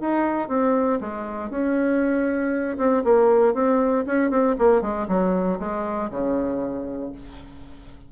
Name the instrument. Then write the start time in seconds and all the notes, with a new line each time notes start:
bassoon
0.00 D#4
0.48 C4
1.00 G#3
1.50 C#4
2.77 C4
3.04 A#3
3.54 C4
4.06 C#4
4.30 C4
4.58 A#3
4.81 G#3
5.08 F#3
5.59 G#3
6.10 C#3